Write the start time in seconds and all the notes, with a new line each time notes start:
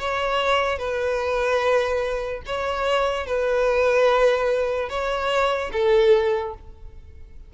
0.00 C#5
0.79 B4
2.46 C#5
3.27 B4
4.90 C#5
5.73 A4